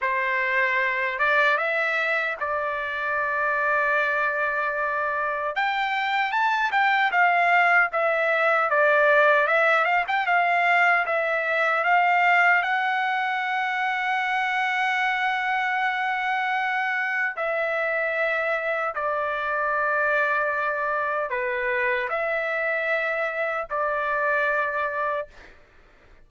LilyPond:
\new Staff \with { instrumentName = "trumpet" } { \time 4/4 \tempo 4 = 76 c''4. d''8 e''4 d''4~ | d''2. g''4 | a''8 g''8 f''4 e''4 d''4 | e''8 f''16 g''16 f''4 e''4 f''4 |
fis''1~ | fis''2 e''2 | d''2. b'4 | e''2 d''2 | }